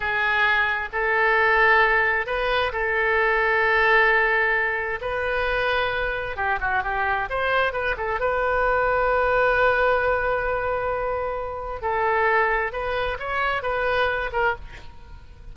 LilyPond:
\new Staff \with { instrumentName = "oboe" } { \time 4/4 \tempo 4 = 132 gis'2 a'2~ | a'4 b'4 a'2~ | a'2. b'4~ | b'2 g'8 fis'8 g'4 |
c''4 b'8 a'8 b'2~ | b'1~ | b'2 a'2 | b'4 cis''4 b'4. ais'8 | }